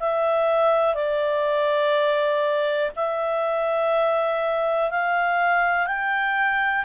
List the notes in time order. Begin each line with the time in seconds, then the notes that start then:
0.00 E5
0.95 D5
2.96 E5
4.91 F5
5.87 G5